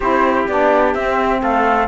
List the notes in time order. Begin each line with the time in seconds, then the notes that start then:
0.00 C4 E4 G4 C5
0.48 B3 D4 D5
0.94 C4 E5
1.42 A3 A4 F5